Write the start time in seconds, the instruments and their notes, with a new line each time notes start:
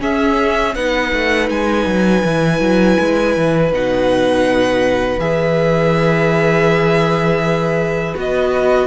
0.00 viola C#4, cello C#4, violin G#4 E5
0.75 cello B3, viola D#4, violin B4 F#5
1.13 cello A3
1.50 cello G#3, violin G#5
1.86 cello F#3
2.25 cello E3, viola E4
2.60 cello F#3
3.00 cello G#3
3.37 cello E3
3.72 cello B2, viola D#4, violin F#5
5.18 cello E3, viola G#4, violin E5
8.15 cello B3, viola F#4, violin D#5